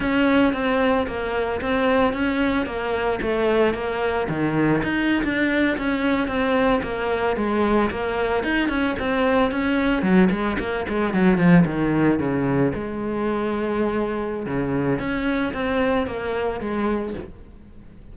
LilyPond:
\new Staff \with { instrumentName = "cello" } { \time 4/4 \tempo 4 = 112 cis'4 c'4 ais4 c'4 | cis'4 ais4 a4 ais4 | dis4 dis'8. d'4 cis'4 c'16~ | c'8. ais4 gis4 ais4 dis'16~ |
dis'16 cis'8 c'4 cis'4 fis8 gis8 ais16~ | ais16 gis8 fis8 f8 dis4 cis4 gis16~ | gis2. cis4 | cis'4 c'4 ais4 gis4 | }